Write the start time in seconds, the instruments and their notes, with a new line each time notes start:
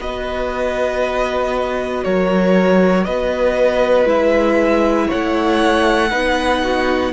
0.00 cello B3, viola F#4, violin B4 D#5
2.04 cello F#3, violin A#4 C#5
3.04 cello B3, violin B4 D#5
4.05 cello G#3, viola E4, violin E5
5.07 cello A3, violin C#5 F#5
6.10 cello B3, viola D#4, violin B4
6.64 violin F#4